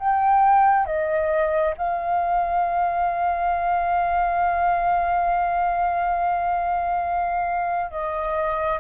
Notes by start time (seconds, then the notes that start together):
0.00 G5
0.86 D#5
1.78 F5
7.91 D#5